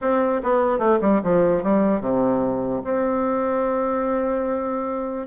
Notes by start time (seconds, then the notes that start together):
0.01 C4
0.43 B3
0.78 A3
1.01 G3
1.23 F3
1.63 G3
2.01 C3
2.84 C4